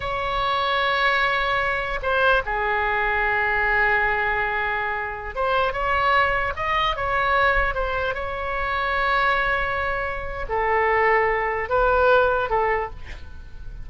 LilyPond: \new Staff \with { instrumentName = "oboe" } { \time 4/4 \tempo 4 = 149 cis''1~ | cis''4 c''4 gis'2~ | gis'1~ | gis'4~ gis'16 c''4 cis''4.~ cis''16~ |
cis''16 dis''4 cis''2 c''8.~ | c''16 cis''2.~ cis''8.~ | cis''2 a'2~ | a'4 b'2 a'4 | }